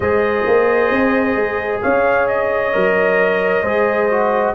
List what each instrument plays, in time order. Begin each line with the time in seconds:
0.00 tuba G#3, trombone G#4, horn C5, trumpet D#5
0.46 tuba A#3
0.91 tuba C4
1.35 tuba G#3
1.82 tuba C#4, horn C#5, trumpet F5
2.27 trumpet D#5
2.72 tuba F#3, trombone A#4
3.62 tuba G#3, trombone G#4, horn C5
4.10 trombone F#4